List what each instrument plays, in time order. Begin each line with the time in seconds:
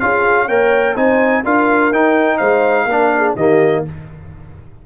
0.00 tuba C#4, trombone F4, horn G#4, trumpet F5
0.47 tuba A#3, trombone A#4, horn C#5, trumpet G5
0.95 tuba C4, trombone D#4, horn C5, trumpet G#5
1.44 tuba D4, trombone F4, horn A#4, trumpet F5
1.91 tuba D#4, trombone D#4, trumpet G5
2.38 tuba G#3, horn C5, trumpet F5
2.85 tuba A#3, trombone D4, horn A#4
3.17 horn G#4
3.36 tuba D#3, trombone A#3, horn G4, trumpet D#5